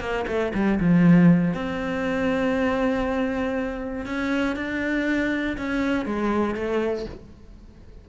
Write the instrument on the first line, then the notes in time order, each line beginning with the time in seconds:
cello
0.00 A#3
0.27 A3
0.54 G3
0.80 F3
1.54 C4
4.06 C#4
4.56 D4
5.58 C#4
6.06 G#3
6.55 A3